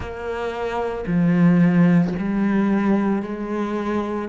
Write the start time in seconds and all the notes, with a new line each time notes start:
0.00 A#3
1.07 F3
2.19 G3
3.22 G#3